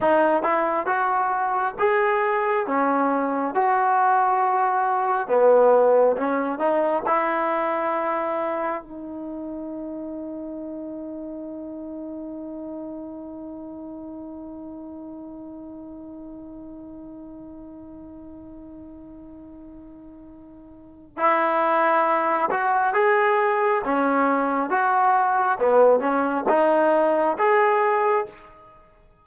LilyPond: \new Staff \with { instrumentName = "trombone" } { \time 4/4 \tempo 4 = 68 dis'8 e'8 fis'4 gis'4 cis'4 | fis'2 b4 cis'8 dis'8 | e'2 dis'2~ | dis'1~ |
dis'1~ | dis'1 | e'4. fis'8 gis'4 cis'4 | fis'4 b8 cis'8 dis'4 gis'4 | }